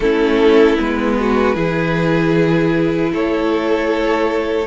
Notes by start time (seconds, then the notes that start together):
0.00 A3 C#4 E4 A4
0.78 G#3 B3 B4
1.19 F#4
1.54 E3 E4 G#4
3.12 A3 A4 C#5